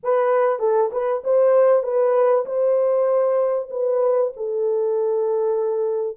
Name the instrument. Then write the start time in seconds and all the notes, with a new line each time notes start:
horn
0.03 B4
0.59 A4
0.92 B4
1.24 C5
1.83 B4
2.45 C5
3.70 B4
4.36 A4